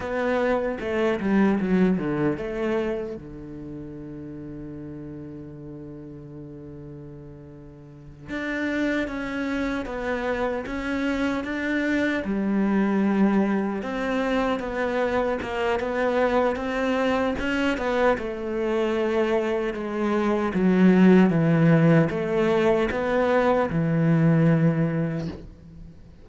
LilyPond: \new Staff \with { instrumentName = "cello" } { \time 4/4 \tempo 4 = 76 b4 a8 g8 fis8 d8 a4 | d1~ | d2~ d8 d'4 cis'8~ | cis'8 b4 cis'4 d'4 g8~ |
g4. c'4 b4 ais8 | b4 c'4 cis'8 b8 a4~ | a4 gis4 fis4 e4 | a4 b4 e2 | }